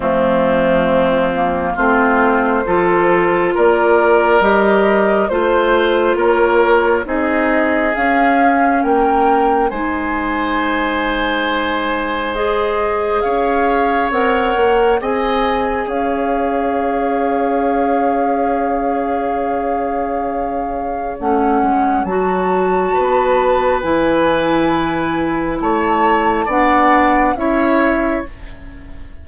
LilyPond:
<<
  \new Staff \with { instrumentName = "flute" } { \time 4/4 \tempo 4 = 68 f'2 c''2 | d''4 dis''4 c''4 cis''4 | dis''4 f''4 g''4 gis''4~ | gis''2 dis''4 f''4 |
fis''4 gis''4 f''2~ | f''1 | fis''4 a''2 gis''4~ | gis''4 a''4 fis''4 e''4 | }
  \new Staff \with { instrumentName = "oboe" } { \time 4/4 c'2 f'4 a'4 | ais'2 c''4 ais'4 | gis'2 ais'4 c''4~ | c''2. cis''4~ |
cis''4 dis''4 cis''2~ | cis''1~ | cis''2 b'2~ | b'4 cis''4 d''4 cis''4 | }
  \new Staff \with { instrumentName = "clarinet" } { \time 4/4 a4. ais8 c'4 f'4~ | f'4 g'4 f'2 | dis'4 cis'2 dis'4~ | dis'2 gis'2 |
ais'4 gis'2.~ | gis'1 | cis'4 fis'2 e'4~ | e'2 d'4 e'4 | }
  \new Staff \with { instrumentName = "bassoon" } { \time 4/4 f2 a4 f4 | ais4 g4 a4 ais4 | c'4 cis'4 ais4 gis4~ | gis2. cis'4 |
c'8 ais8 c'4 cis'2~ | cis'1 | a8 gis8 fis4 b4 e4~ | e4 a4 b4 cis'4 | }
>>